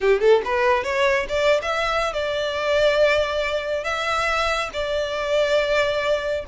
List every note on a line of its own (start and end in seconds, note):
0.00 0.20 G4
0.20 0.42 A4
0.44 0.83 B4
0.83 1.26 C#5
1.28 1.61 D5
1.61 2.13 E5
2.13 3.84 D5
3.84 4.69 E5
4.73 6.44 D5